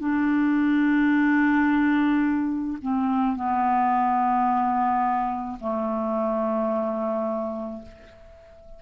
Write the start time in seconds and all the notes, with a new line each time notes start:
0.00 D4
2.81 C4
3.36 B3
5.60 A3